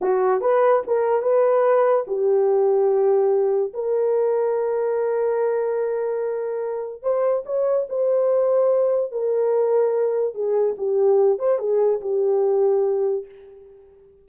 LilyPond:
\new Staff \with { instrumentName = "horn" } { \time 4/4 \tempo 4 = 145 fis'4 b'4 ais'4 b'4~ | b'4 g'2.~ | g'4 ais'2.~ | ais'1~ |
ais'4 c''4 cis''4 c''4~ | c''2 ais'2~ | ais'4 gis'4 g'4. c''8 | gis'4 g'2. | }